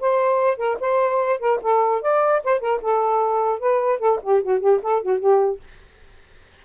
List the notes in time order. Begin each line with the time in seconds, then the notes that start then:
0.00 C5
0.57 A#4
0.80 C5
1.39 A#4
1.62 A4
2.02 D5
2.44 C5
2.60 A#4
2.81 A4
3.59 B4
3.99 A4
4.22 G4
4.43 F#4
4.60 G4
4.82 A4
5.02 F#4
5.19 G4